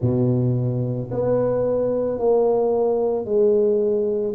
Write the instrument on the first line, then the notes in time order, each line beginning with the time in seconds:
tuba
0.00 B2
1.11 B3
2.18 A#3
3.25 G#3